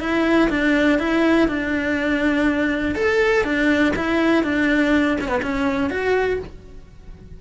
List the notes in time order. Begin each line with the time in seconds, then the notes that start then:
0.00 E4
0.50 D4
0.99 E4
1.48 D4
2.95 A4
3.44 D4
3.96 E4
4.44 D4
5.21 C#4
5.28 B3
5.43 C#4
5.90 F#4